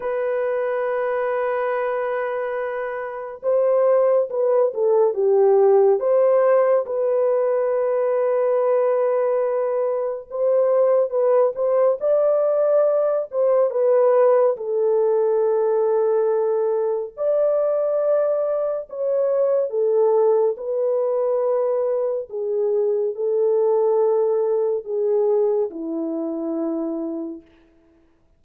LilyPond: \new Staff \with { instrumentName = "horn" } { \time 4/4 \tempo 4 = 70 b'1 | c''4 b'8 a'8 g'4 c''4 | b'1 | c''4 b'8 c''8 d''4. c''8 |
b'4 a'2. | d''2 cis''4 a'4 | b'2 gis'4 a'4~ | a'4 gis'4 e'2 | }